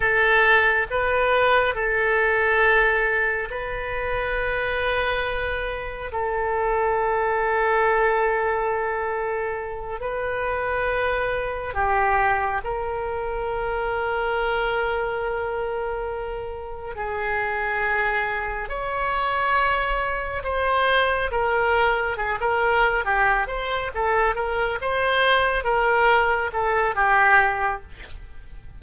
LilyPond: \new Staff \with { instrumentName = "oboe" } { \time 4/4 \tempo 4 = 69 a'4 b'4 a'2 | b'2. a'4~ | a'2.~ a'8 b'8~ | b'4. g'4 ais'4.~ |
ais'2.~ ais'8 gis'8~ | gis'4. cis''2 c''8~ | c''8 ais'4 gis'16 ais'8. g'8 c''8 a'8 | ais'8 c''4 ais'4 a'8 g'4 | }